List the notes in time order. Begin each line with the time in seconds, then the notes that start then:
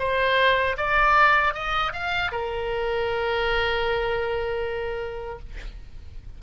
0.00 C5
0.78 D5
1.55 D#5
1.93 F5
2.32 A#4